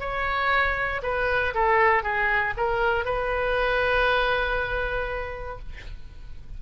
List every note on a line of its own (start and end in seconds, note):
0.00 1.02 C#5
1.03 1.54 B4
1.54 2.03 A4
2.03 2.54 G#4
2.57 3.05 A#4
3.05 5.59 B4